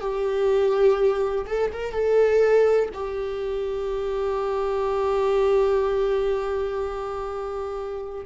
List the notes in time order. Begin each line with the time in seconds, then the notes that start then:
0.00 G4
1.46 A4
1.73 A#4
1.92 A4
2.93 G4